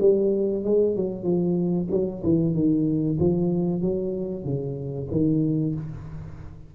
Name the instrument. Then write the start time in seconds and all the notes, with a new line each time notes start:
tuba
0.00 G3
0.64 G#3
0.96 F#3
1.24 F3
1.91 F#3
2.23 E3
2.54 D#3
3.19 F3
3.81 F#3
4.44 C#3
5.11 D#3